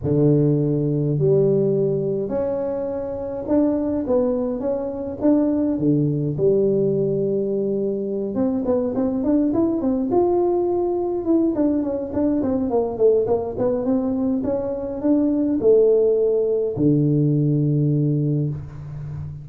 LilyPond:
\new Staff \with { instrumentName = "tuba" } { \time 4/4 \tempo 4 = 104 d2 g2 | cis'2 d'4 b4 | cis'4 d'4 d4 g4~ | g2~ g8 c'8 b8 c'8 |
d'8 e'8 c'8 f'2 e'8 | d'8 cis'8 d'8 c'8 ais8 a8 ais8 b8 | c'4 cis'4 d'4 a4~ | a4 d2. | }